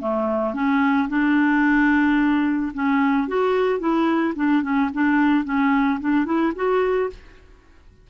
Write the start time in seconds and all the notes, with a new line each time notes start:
0.00 A3
0.54 C#4
1.08 D4
2.73 C#4
3.28 F#4
3.79 E4
4.35 D4
4.62 C#4
4.93 D4
5.44 C#4
6.00 D4
6.25 E4
6.55 F#4